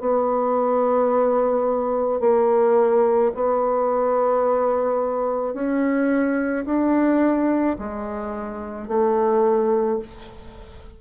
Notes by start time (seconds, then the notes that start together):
0.00 B3
2.20 A#3
3.35 B3
5.54 C#4
6.66 D4
7.79 G#3
8.88 A3